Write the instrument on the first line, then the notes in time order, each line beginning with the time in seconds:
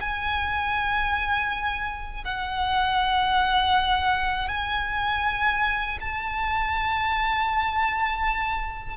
violin
0.00 G#5
2.24 F#5
4.48 G#5
6.00 A5